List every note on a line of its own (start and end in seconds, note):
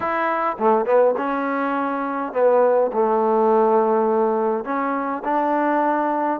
0.00 0.57 E4
0.58 0.85 A3
0.85 1.14 B3
1.17 2.32 C#4
2.32 2.91 B3
2.92 4.64 A3
4.64 5.22 C#4
5.24 6.40 D4